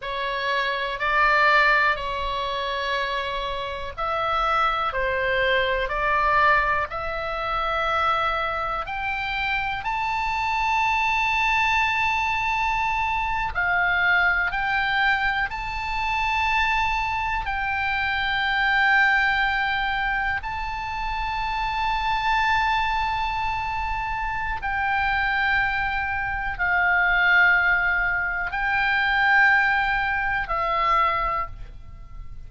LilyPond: \new Staff \with { instrumentName = "oboe" } { \time 4/4 \tempo 4 = 61 cis''4 d''4 cis''2 | e''4 c''4 d''4 e''4~ | e''4 g''4 a''2~ | a''4.~ a''16 f''4 g''4 a''16~ |
a''4.~ a''16 g''2~ g''16~ | g''8. a''2.~ a''16~ | a''4 g''2 f''4~ | f''4 g''2 e''4 | }